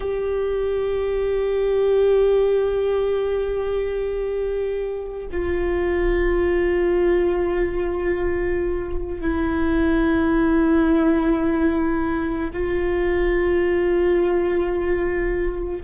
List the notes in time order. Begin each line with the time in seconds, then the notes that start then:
0.00 G4
5.31 F4
9.21 E4
12.53 F4